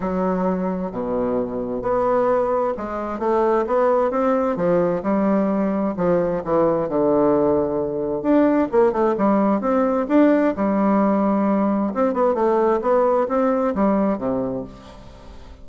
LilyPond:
\new Staff \with { instrumentName = "bassoon" } { \time 4/4 \tempo 4 = 131 fis2 b,2 | b2 gis4 a4 | b4 c'4 f4 g4~ | g4 f4 e4 d4~ |
d2 d'4 ais8 a8 | g4 c'4 d'4 g4~ | g2 c'8 b8 a4 | b4 c'4 g4 c4 | }